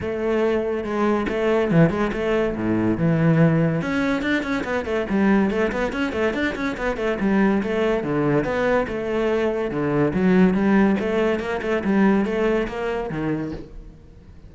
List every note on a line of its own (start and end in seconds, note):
0.00 0.84 A3
0.84 1.26 G#3
1.28 1.71 A3
1.71 1.90 E3
1.90 2.11 G#3
2.13 2.55 A3
2.56 2.97 A2
2.97 3.81 E3
3.81 4.22 C#4
4.22 4.42 D4
4.42 4.63 C#4
4.64 4.85 B3
4.85 5.06 A3
5.09 5.50 G3
5.50 5.71 A3
5.72 5.92 B3
5.92 6.12 C#4
6.12 6.33 A3
6.33 6.54 D4
6.55 6.76 C#4
6.77 6.96 B3
6.96 7.17 A3
7.20 7.62 G3
7.63 8.03 A3
8.03 8.44 D3
8.44 8.86 B3
8.87 9.70 A3
9.70 10.13 D3
10.13 10.53 F#3
10.53 10.96 G3
10.99 11.39 A3
11.39 11.60 A#3
11.62 11.83 A3
11.83 12.25 G3
12.25 12.67 A3
12.67 13.09 A#3
13.09 13.52 D#3